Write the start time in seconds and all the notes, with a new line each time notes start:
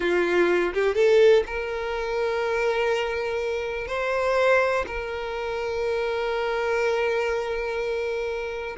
0.00 F4
0.73 G4
0.94 A4
1.46 A#4
3.87 C5
4.86 A#4